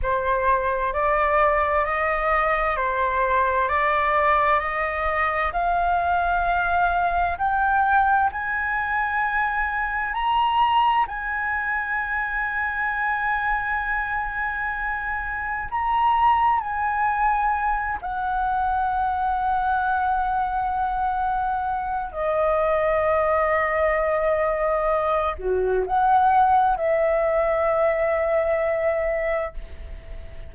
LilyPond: \new Staff \with { instrumentName = "flute" } { \time 4/4 \tempo 4 = 65 c''4 d''4 dis''4 c''4 | d''4 dis''4 f''2 | g''4 gis''2 ais''4 | gis''1~ |
gis''4 ais''4 gis''4. fis''8~ | fis''1 | dis''2.~ dis''8 fis'8 | fis''4 e''2. | }